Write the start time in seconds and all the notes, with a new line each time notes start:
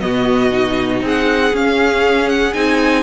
0.00 B2 B3 F#4 D#5
0.52 D#4
1.02 C4 G#4
1.08 F#5
1.53 C#4 F5
2.29 F#5
2.54 C4 D#4 G#5